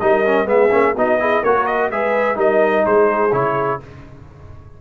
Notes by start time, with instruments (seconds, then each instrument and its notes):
0.00 tuba G3, trombone D#4, horn A#4, trumpet D#5
0.26 trombone C#4
0.46 tuba G#3, trombone B3, horn G#4, trumpet E5
0.70 tuba A#3, trombone C#4
0.95 tuba B3, trombone D#4, horn F#4, trumpet D#5
1.20 trombone E4, horn G#4
1.42 tuba A#3, trombone F#4, horn A#4, trumpet C#5
1.66 trumpet D#5
1.91 tuba G#3, trombone G#4, horn B4, trumpet E5
2.36 tuba G3, trombone D#4, horn A#4, trumpet D#5
2.85 tuba G#3, horn G#4, trumpet C5
3.32 tuba C#3, trombone E4, trumpet C#5